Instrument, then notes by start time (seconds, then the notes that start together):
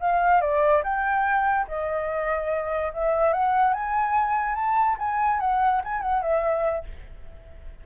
flute
0.00 F5
0.41 D5
0.83 G5
1.67 D#5
2.93 E5
3.33 F#5
3.73 G#5
4.55 A5
4.98 G#5
5.40 F#5
5.84 G#5
6.01 F#5
6.22 E5